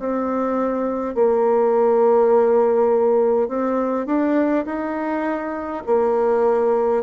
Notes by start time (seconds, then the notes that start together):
0.00 C4
1.15 A#3
3.49 C4
4.06 D4
4.66 D#4
5.87 A#3